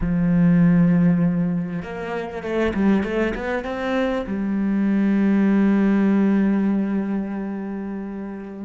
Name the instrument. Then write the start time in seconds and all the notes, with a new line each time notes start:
cello
0.00 F3
1.82 A#3
2.43 A3
2.74 G3
3.03 A3
3.34 B3
3.64 C4
4.26 G3